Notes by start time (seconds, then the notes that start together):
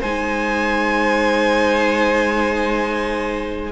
0.00 G#3 D#4 C5 G#5